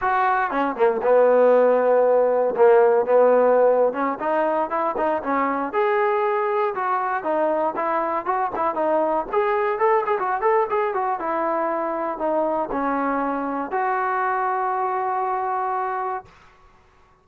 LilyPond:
\new Staff \with { instrumentName = "trombone" } { \time 4/4 \tempo 4 = 118 fis'4 cis'8 ais8 b2~ | b4 ais4 b4.~ b16 cis'16~ | cis'16 dis'4 e'8 dis'8 cis'4 gis'8.~ | gis'4~ gis'16 fis'4 dis'4 e'8.~ |
e'16 fis'8 e'8 dis'4 gis'4 a'8 gis'16 | fis'8 a'8 gis'8 fis'8 e'2 | dis'4 cis'2 fis'4~ | fis'1 | }